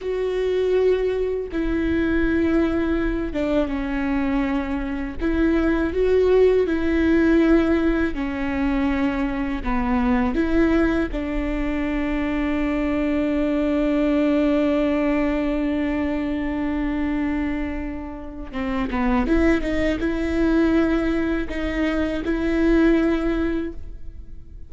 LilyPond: \new Staff \with { instrumentName = "viola" } { \time 4/4 \tempo 4 = 81 fis'2 e'2~ | e'8 d'8 cis'2 e'4 | fis'4 e'2 cis'4~ | cis'4 b4 e'4 d'4~ |
d'1~ | d'1~ | d'4 c'8 b8 e'8 dis'8 e'4~ | e'4 dis'4 e'2 | }